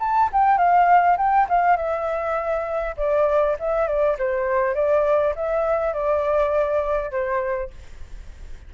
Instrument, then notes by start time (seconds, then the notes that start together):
flute
0.00 A5
0.33 G5
0.58 F5
1.17 G5
1.49 F5
1.77 E5
2.97 D5
3.59 E5
3.87 D5
4.19 C5
4.75 D5
5.35 E5
5.93 D5
7.11 C5